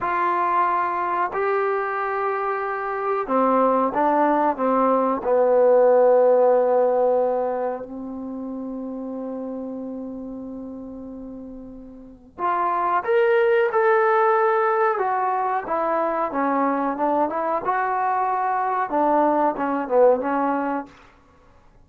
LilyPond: \new Staff \with { instrumentName = "trombone" } { \time 4/4 \tempo 4 = 92 f'2 g'2~ | g'4 c'4 d'4 c'4 | b1 | c'1~ |
c'2. f'4 | ais'4 a'2 fis'4 | e'4 cis'4 d'8 e'8 fis'4~ | fis'4 d'4 cis'8 b8 cis'4 | }